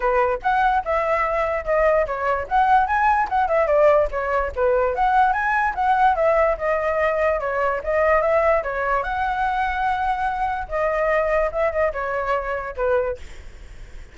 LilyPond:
\new Staff \with { instrumentName = "flute" } { \time 4/4 \tempo 4 = 146 b'4 fis''4 e''2 | dis''4 cis''4 fis''4 gis''4 | fis''8 e''8 d''4 cis''4 b'4 | fis''4 gis''4 fis''4 e''4 |
dis''2 cis''4 dis''4 | e''4 cis''4 fis''2~ | fis''2 dis''2 | e''8 dis''8 cis''2 b'4 | }